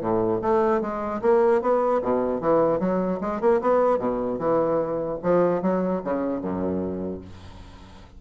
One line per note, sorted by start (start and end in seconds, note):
0.00 0.40 A2
0.41 0.81 A3
0.81 1.21 G#3
1.21 1.61 A#3
1.61 2.01 B3
2.02 2.40 B2
2.40 2.79 E3
2.79 3.19 F#3
3.20 3.40 G#3
3.41 3.61 A#3
3.61 3.98 B3
3.98 4.38 B2
4.38 5.18 E3
5.22 5.62 F3
5.62 6.02 F#3
6.03 6.41 C#3
6.41 7.21 F#2